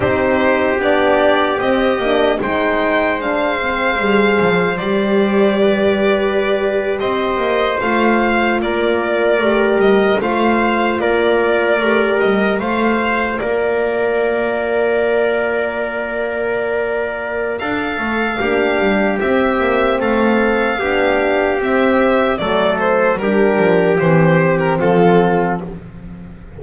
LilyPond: <<
  \new Staff \with { instrumentName = "violin" } { \time 4/4 \tempo 4 = 75 c''4 d''4 dis''4 g''4 | f''2 d''2~ | d''8. dis''4 f''4 d''4~ d''16~ | d''16 dis''8 f''4 d''4. dis''8 f''16~ |
f''8. d''2.~ d''16~ | d''2 f''2 | e''4 f''2 e''4 | d''8 c''8 ais'4 c''8. ais'16 a'4 | }
  \new Staff \with { instrumentName = "trumpet" } { \time 4/4 g'2. c''4~ | c''2. b'4~ | b'8. c''2 ais'4~ ais'16~ | ais'8. c''4 ais'2 c''16~ |
c''8. ais'2.~ ais'16~ | ais'2 a'4 g'4~ | g'4 a'4 g'2 | a'4 g'2 f'4 | }
  \new Staff \with { instrumentName = "horn" } { \time 4/4 dis'4 d'4 c'8 d'8 dis'4 | d'8 c'8 gis'4 g'2~ | g'4.~ g'16 f'2 g'16~ | g'8. f'2 g'4 f'16~ |
f'1~ | f'2. d'4 | c'2 d'4 c'4 | a4 d'4 c'2 | }
  \new Staff \with { instrumentName = "double bass" } { \time 4/4 c'4 b4 c'8 ais8 gis4~ | gis4 g8 f8 g2~ | g8. c'8 ais8 a4 ais4 a16~ | a16 g8 a4 ais4 a8 g8 a16~ |
a8. ais2.~ ais16~ | ais2 d'8 a8 ais8 g8 | c'8 ais8 a4 b4 c'4 | fis4 g8 f8 e4 f4 | }
>>